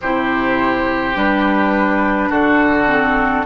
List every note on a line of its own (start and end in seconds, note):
0.01 1.15 C3
0.01 1.14 E4
0.01 2.29 G4
0.01 1.16 C5
1.14 2.30 G3
1.14 2.87 D4
1.14 2.31 B4
2.29 3.45 D3
2.29 3.44 F#4
2.29 3.45 A4
2.87 3.44 C4